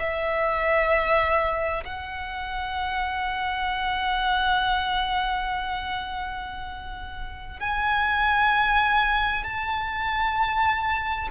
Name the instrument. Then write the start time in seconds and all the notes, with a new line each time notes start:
violin
0.00 E5
1.85 F#5
7.60 G#5
9.44 A5